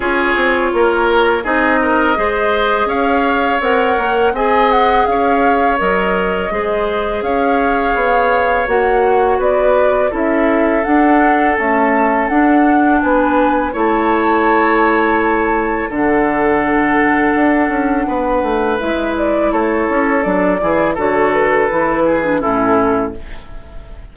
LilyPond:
<<
  \new Staff \with { instrumentName = "flute" } { \time 4/4 \tempo 4 = 83 cis''2 dis''2 | f''4 fis''4 gis''8 fis''8 f''4 | dis''2 f''2 | fis''4 d''4 e''4 fis''4 |
a''4 fis''4 gis''4 a''4~ | a''2 fis''2~ | fis''2 e''8 d''8 cis''4 | d''4 cis''8 b'4. a'4 | }
  \new Staff \with { instrumentName = "oboe" } { \time 4/4 gis'4 ais'4 gis'8 ais'8 c''4 | cis''2 dis''4 cis''4~ | cis''4 c''4 cis''2~ | cis''4 b'4 a'2~ |
a'2 b'4 cis''4~ | cis''2 a'2~ | a'4 b'2 a'4~ | a'8 gis'8 a'4. gis'8 e'4 | }
  \new Staff \with { instrumentName = "clarinet" } { \time 4/4 f'2 dis'4 gis'4~ | gis'4 ais'4 gis'2 | ais'4 gis'2. | fis'2 e'4 d'4 |
a4 d'2 e'4~ | e'2 d'2~ | d'2 e'2 | d'8 e'8 fis'4 e'8. d'16 cis'4 | }
  \new Staff \with { instrumentName = "bassoon" } { \time 4/4 cis'8 c'8 ais4 c'4 gis4 | cis'4 c'8 ais8 c'4 cis'4 | fis4 gis4 cis'4 b4 | ais4 b4 cis'4 d'4 |
cis'4 d'4 b4 a4~ | a2 d2 | d'8 cis'8 b8 a8 gis4 a8 cis'8 | fis8 e8 d4 e4 a,4 | }
>>